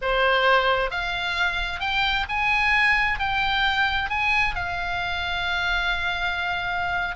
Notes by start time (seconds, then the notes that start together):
0.01 C5
0.90 F5
1.80 G5
2.29 G#5
3.19 G5
4.09 G#5
4.55 F5